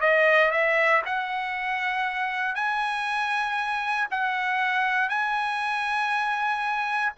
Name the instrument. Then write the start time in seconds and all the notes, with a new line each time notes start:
trumpet
0.00 D#5
0.51 E5
1.05 F#5
2.55 G#5
4.10 F#5
5.09 G#5